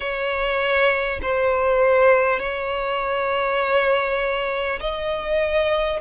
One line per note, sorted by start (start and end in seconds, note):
0.00 1.19 C#5
1.22 2.39 C5
2.39 4.79 C#5
4.80 6.00 D#5